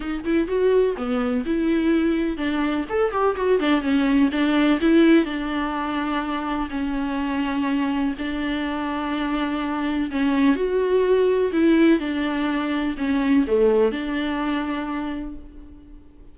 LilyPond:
\new Staff \with { instrumentName = "viola" } { \time 4/4 \tempo 4 = 125 dis'8 e'8 fis'4 b4 e'4~ | e'4 d'4 a'8 g'8 fis'8 d'8 | cis'4 d'4 e'4 d'4~ | d'2 cis'2~ |
cis'4 d'2.~ | d'4 cis'4 fis'2 | e'4 d'2 cis'4 | a4 d'2. | }